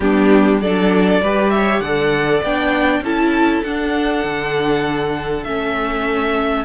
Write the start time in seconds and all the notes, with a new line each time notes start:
0.00 G3 B3 D4 G4
0.60 F#3 D4 A4 D5
1.22 G3 G4 B4
1.50 C#5 E5
1.79 D3 A4 D5 F#5
2.43 B3 D4 G5
3.00 C#4 E4 A4 A5
3.63 D4 F#5
4.24 D3
5.43 A3 C#4 E5